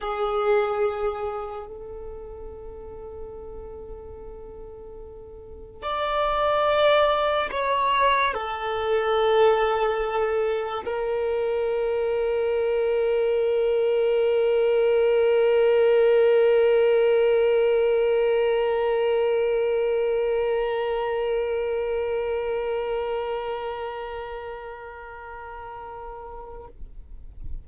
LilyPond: \new Staff \with { instrumentName = "violin" } { \time 4/4 \tempo 4 = 72 gis'2 a'2~ | a'2. d''4~ | d''4 cis''4 a'2~ | a'4 ais'2.~ |
ais'1~ | ais'1~ | ais'1~ | ais'1 | }